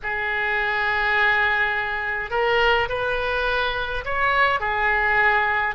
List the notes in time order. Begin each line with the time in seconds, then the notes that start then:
0.02 G#4
2.30 A#4
2.88 B4
4.04 C#5
4.60 G#4